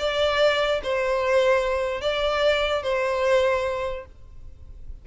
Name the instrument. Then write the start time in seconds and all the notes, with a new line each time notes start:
violin
0.00 D5
0.84 C5
2.02 D5
2.83 C5